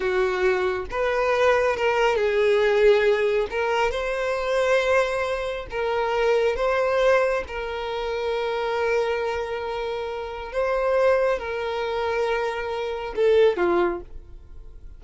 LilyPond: \new Staff \with { instrumentName = "violin" } { \time 4/4 \tempo 4 = 137 fis'2 b'2 | ais'4 gis'2. | ais'4 c''2.~ | c''4 ais'2 c''4~ |
c''4 ais'2.~ | ais'1 | c''2 ais'2~ | ais'2 a'4 f'4 | }